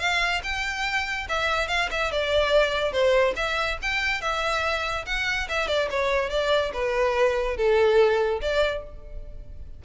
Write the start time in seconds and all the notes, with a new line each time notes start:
0.00 F5
0.43 G5
1.29 E5
1.68 F5
1.91 E5
2.12 D5
2.93 C5
3.36 E5
3.82 G5
4.21 E5
5.06 F#5
5.49 E5
5.68 D5
5.91 C#5
6.30 D5
6.73 B4
7.57 A4
8.41 D5